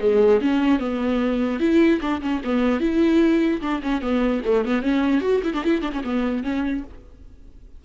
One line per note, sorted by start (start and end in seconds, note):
0.00 0.40 G#3
0.42 0.80 C#4
0.80 1.60 B3
1.60 2.00 E4
2.01 2.21 D4
2.21 2.42 C#4
2.44 2.81 B3
2.81 3.61 E4
3.62 3.82 D4
3.83 4.02 C#4
4.02 4.42 B3
4.45 4.65 A3
4.65 4.82 B3
4.82 5.21 C#4
5.21 5.41 F#4
5.44 5.54 E4
5.54 5.64 D4
5.64 5.82 E4
5.82 5.92 D4
5.92 6.02 C#4
6.04 6.44 B3
6.44 6.84 C#4